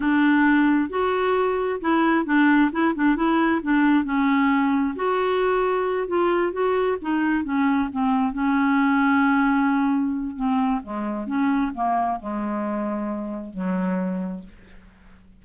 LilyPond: \new Staff \with { instrumentName = "clarinet" } { \time 4/4 \tempo 4 = 133 d'2 fis'2 | e'4 d'4 e'8 d'8 e'4 | d'4 cis'2 fis'4~ | fis'4. f'4 fis'4 dis'8~ |
dis'8 cis'4 c'4 cis'4.~ | cis'2. c'4 | gis4 cis'4 ais4 gis4~ | gis2 fis2 | }